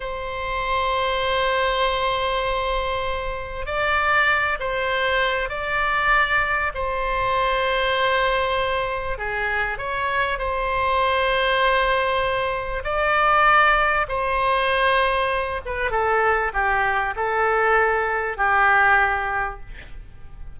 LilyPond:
\new Staff \with { instrumentName = "oboe" } { \time 4/4 \tempo 4 = 98 c''1~ | c''2 d''4. c''8~ | c''4 d''2 c''4~ | c''2. gis'4 |
cis''4 c''2.~ | c''4 d''2 c''4~ | c''4. b'8 a'4 g'4 | a'2 g'2 | }